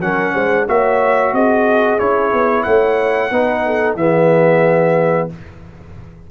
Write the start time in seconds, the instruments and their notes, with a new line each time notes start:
0.00 tuba F#3, trombone C#4, horn A#4, trumpet F#5
0.34 tuba G#3, horn C5
0.68 tuba A#3, trombone F#4, horn C#5, trumpet E5
1.32 tuba C4, horn G#4, trumpet D#5
1.99 tuba C#4, trombone E4, trumpet C#5
2.32 tuba B3
2.63 tuba A3, horn C#5, trumpet F#5
3.30 tuba B3, trombone D#4, horn B4
3.66 horn A4
3.95 tuba E3, trombone B3, horn G#4, trumpet E5